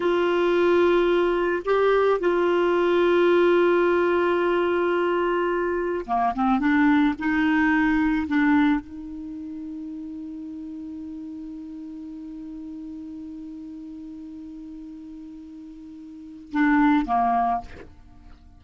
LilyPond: \new Staff \with { instrumentName = "clarinet" } { \time 4/4 \tempo 4 = 109 f'2. g'4 | f'1~ | f'2. ais8 c'8 | d'4 dis'2 d'4 |
dis'1~ | dis'1~ | dis'1~ | dis'2 d'4 ais4 | }